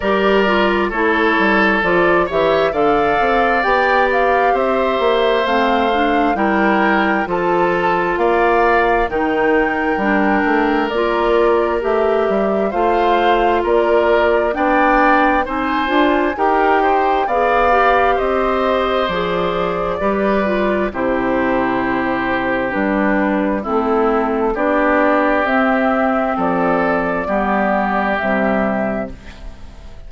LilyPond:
<<
  \new Staff \with { instrumentName = "flute" } { \time 4/4 \tempo 4 = 66 d''4 cis''4 d''8 e''8 f''4 | g''8 f''8 e''4 f''4 g''4 | a''4 f''4 g''2 | d''4 e''4 f''4 d''4 |
g''4 gis''4 g''4 f''4 | dis''4 d''2 c''4~ | c''4 b'4 a'4 d''4 | e''4 d''2 e''4 | }
  \new Staff \with { instrumentName = "oboe" } { \time 4/4 ais'4 a'4. cis''8 d''4~ | d''4 c''2 ais'4 | a'4 d''4 ais'2~ | ais'2 c''4 ais'4 |
d''4 c''4 ais'8 c''8 d''4 | c''2 b'4 g'4~ | g'2 e'4 g'4~ | g'4 a'4 g'2 | }
  \new Staff \with { instrumentName = "clarinet" } { \time 4/4 g'8 f'8 e'4 f'8 g'8 a'4 | g'2 c'8 d'8 e'4 | f'2 dis'4 d'4 | f'4 g'4 f'2 |
d'4 dis'8 f'8 g'4 gis'8 g'8~ | g'4 gis'4 g'8 f'8 e'4~ | e'4 d'4 c'4 d'4 | c'2 b4 g4 | }
  \new Staff \with { instrumentName = "bassoon" } { \time 4/4 g4 a8 g8 f8 e8 d8 c'8 | b4 c'8 ais8 a4 g4 | f4 ais4 dis4 g8 a8 | ais4 a8 g8 a4 ais4 |
b4 c'8 d'8 dis'4 b4 | c'4 f4 g4 c4~ | c4 g4 a4 b4 | c'4 f4 g4 c4 | }
>>